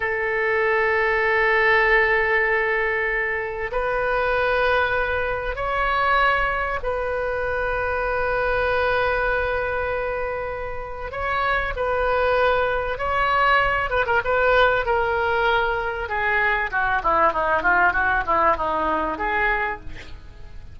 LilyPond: \new Staff \with { instrumentName = "oboe" } { \time 4/4 \tempo 4 = 97 a'1~ | a'2 b'2~ | b'4 cis''2 b'4~ | b'1~ |
b'2 cis''4 b'4~ | b'4 cis''4. b'16 ais'16 b'4 | ais'2 gis'4 fis'8 e'8 | dis'8 f'8 fis'8 e'8 dis'4 gis'4 | }